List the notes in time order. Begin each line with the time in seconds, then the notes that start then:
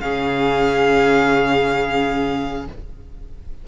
0.00 C#3 C#4 G#4 F5